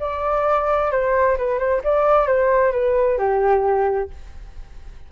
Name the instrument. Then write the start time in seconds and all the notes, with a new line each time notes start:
flute
0.00 D5
0.91 C5
1.38 B4
1.59 C5
1.84 D5
2.27 C5
2.73 B4
3.18 G4